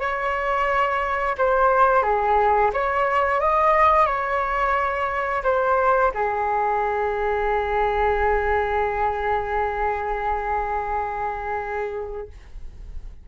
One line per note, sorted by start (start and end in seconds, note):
0.00 1.36 C#5
1.38 2.03 C5
2.03 2.71 G#4
2.74 3.40 C#5
3.40 4.07 D#5
4.07 5.43 C#5
5.44 6.12 C5
6.15 12.28 G#4